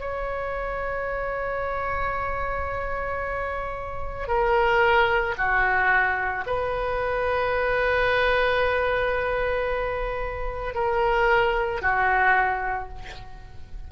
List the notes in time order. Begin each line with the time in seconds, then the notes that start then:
0.00 C#5
4.28 A#4
5.38 F#4
6.46 B4
10.75 A#4
11.82 F#4